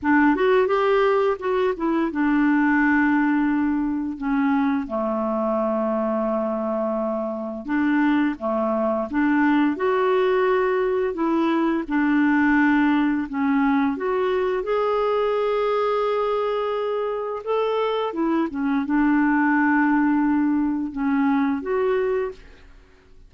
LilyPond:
\new Staff \with { instrumentName = "clarinet" } { \time 4/4 \tempo 4 = 86 d'8 fis'8 g'4 fis'8 e'8 d'4~ | d'2 cis'4 a4~ | a2. d'4 | a4 d'4 fis'2 |
e'4 d'2 cis'4 | fis'4 gis'2.~ | gis'4 a'4 e'8 cis'8 d'4~ | d'2 cis'4 fis'4 | }